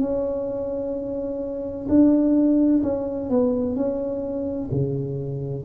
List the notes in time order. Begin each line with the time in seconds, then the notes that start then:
0.00 C#4
1.89 D4
2.83 C#4
3.30 B3
3.76 C#4
4.71 C#3